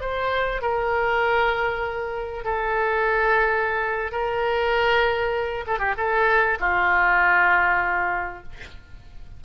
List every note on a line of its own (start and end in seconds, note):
0.00 0.61 C5
0.61 2.44 A#4
2.44 4.11 A4
4.11 5.64 A#4
5.66 5.79 A4
5.79 5.94 G4
5.97 6.58 A4
6.59 8.43 F4